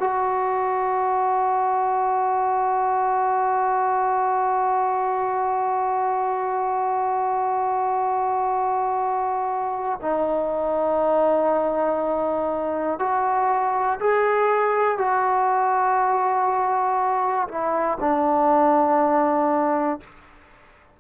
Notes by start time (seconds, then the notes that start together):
0.00 F#4
10.01 D#4
12.99 F#4
14.00 G#4
14.98 F#4
17.49 E4
18.00 D4